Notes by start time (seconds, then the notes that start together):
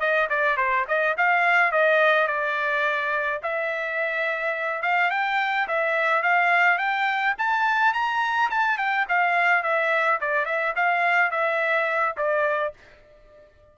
0.00 D#5
0.30 D5
0.57 C5
0.88 D#5
1.18 F5
1.72 D#5
2.28 D5
3.43 E5
4.83 F5
5.11 G5
5.68 E5
6.23 F5
6.78 G5
7.39 A5
7.94 A#5
8.51 A5
8.78 G5
9.09 F5
9.63 E5
10.21 D5
10.46 E5
10.76 F5
11.31 E5
12.17 D5